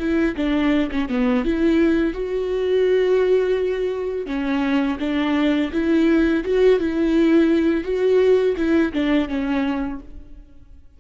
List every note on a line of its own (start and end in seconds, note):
0.00 0.36 E4
0.37 0.90 D4
0.92 1.09 C#4
1.09 1.45 B3
1.45 2.14 E4
2.14 4.27 F#4
4.27 4.98 C#4
5.00 5.71 D4
5.73 6.44 E4
6.45 6.80 F#4
6.80 7.84 E4
7.84 8.56 F#4
8.57 8.93 E4
8.93 9.29 D4
9.29 10.00 C#4